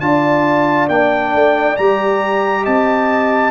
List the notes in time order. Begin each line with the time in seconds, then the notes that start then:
0.00 D4 F4 D5 A5
0.89 A#3 D4 G5
1.33 A3
1.76 G3 G4 A#5
2.64 C4 D#5 A5